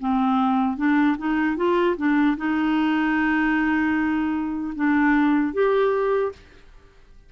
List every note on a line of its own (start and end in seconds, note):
0.00 0.77 C4
0.77 1.17 D4
1.18 1.57 D#4
1.57 1.96 F4
1.97 2.37 D4
2.37 4.74 D#4
4.76 5.53 D4
5.53 6.32 G4